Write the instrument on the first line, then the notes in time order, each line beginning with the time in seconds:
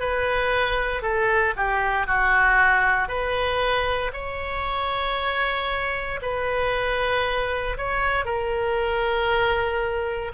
oboe
0.00 B4
1.03 A4
1.57 G4
2.07 F#4
3.08 B4
4.13 C#5
6.22 B4
7.78 C#5
8.25 A#4